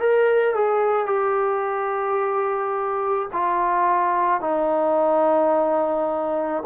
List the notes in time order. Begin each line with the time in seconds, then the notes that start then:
0.00 A#4
0.55 G#4
1.07 G4
3.33 F4
4.41 D#4